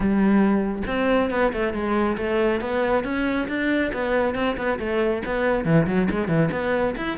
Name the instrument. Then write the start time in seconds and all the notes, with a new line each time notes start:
cello
0.00 G3
0.86 C4
1.30 B3
1.53 A3
1.73 G#3
2.17 A3
2.60 B3
3.04 C#4
3.48 D4
3.93 B3
4.34 C4
4.57 B3
4.79 A3
5.25 B3
5.64 E3
5.86 F#3
6.10 G#3
6.27 E3
6.51 B3
6.97 E4